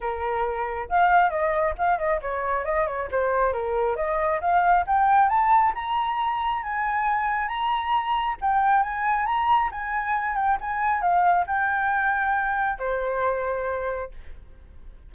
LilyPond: \new Staff \with { instrumentName = "flute" } { \time 4/4 \tempo 4 = 136 ais'2 f''4 dis''4 | f''8 dis''8 cis''4 dis''8 cis''8 c''4 | ais'4 dis''4 f''4 g''4 | a''4 ais''2 gis''4~ |
gis''4 ais''2 g''4 | gis''4 ais''4 gis''4. g''8 | gis''4 f''4 g''2~ | g''4 c''2. | }